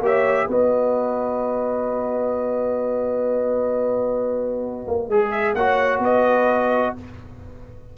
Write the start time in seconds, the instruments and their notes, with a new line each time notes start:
0.00 tuba A#3, trombone G4, horn C#5, trumpet E5
0.46 tuba B3, trombone F#4, horn B4, trumpet D#5
4.87 tuba A#3
5.08 tuba G#3, trombone G#4
5.30 trumpet E5
5.54 tuba A#3, trombone F#4, horn C#5, trumpet F#5
5.99 tuba B3, horn B4, trumpet D#5